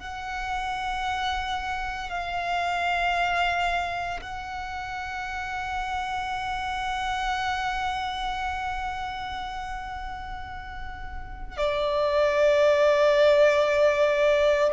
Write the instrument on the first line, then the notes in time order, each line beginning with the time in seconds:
violin
0.00 F#5
2.10 F5
4.22 F#5
11.58 D5